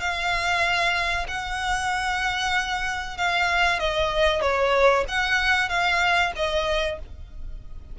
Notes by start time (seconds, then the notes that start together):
0.00 F5
1.28 F#5
3.17 F5
3.79 D#5
4.41 C#5
5.08 F#5
5.69 F5
6.36 D#5